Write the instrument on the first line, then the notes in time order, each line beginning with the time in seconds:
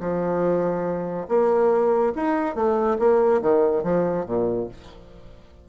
bassoon
0.00 F3
1.28 A#3
2.15 D#4
2.55 A3
2.99 A#3
3.41 D#3
3.83 F3
4.26 A#2